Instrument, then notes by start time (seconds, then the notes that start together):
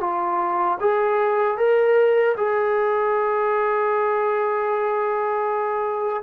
trombone
0.00 F4
0.80 G#4
1.57 A#4
2.37 G#4